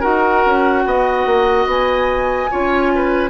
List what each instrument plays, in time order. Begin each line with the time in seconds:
0.00 bassoon D#4, clarinet F#4, oboe A#4, flute F#5
0.45 bassoon C#4
0.85 bassoon B3, oboe D#5
1.26 bassoon A#3
1.66 bassoon B3, flute G#5
2.51 bassoon C#4, clarinet F4, oboe C#5
2.95 oboe B4